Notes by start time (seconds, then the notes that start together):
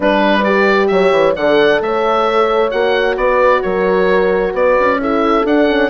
0.00 G3 D4 B4
0.44 G4 D5
0.87 F#3 C#5 E5
1.11 E3
1.35 D3 A4 D5 F#5
1.80 A3 C#5 E5
2.70 A#3 F#4 F#5
3.16 B3 B4 D5
3.62 F#3 A#4 C#5
4.53 B3 B4 D5
4.79 C#4
4.99 E4 A4 E5
5.44 D4 F#5
5.67 C#4